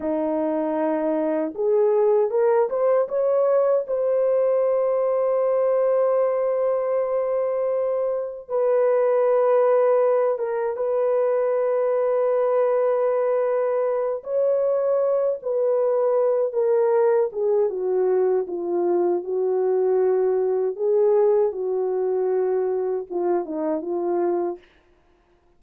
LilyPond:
\new Staff \with { instrumentName = "horn" } { \time 4/4 \tempo 4 = 78 dis'2 gis'4 ais'8 c''8 | cis''4 c''2.~ | c''2. b'4~ | b'4. ais'8 b'2~ |
b'2~ b'8 cis''4. | b'4. ais'4 gis'8 fis'4 | f'4 fis'2 gis'4 | fis'2 f'8 dis'8 f'4 | }